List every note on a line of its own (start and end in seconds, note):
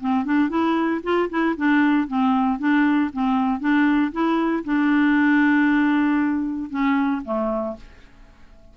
0.00 0.25 C4
0.25 0.49 D4
0.49 1.01 E4
1.03 1.29 F4
1.30 1.56 E4
1.57 2.08 D4
2.08 2.59 C4
2.59 3.11 D4
3.13 3.60 C4
3.60 4.12 D4
4.12 4.64 E4
4.65 6.70 D4
6.70 7.22 C#4
7.25 7.77 A3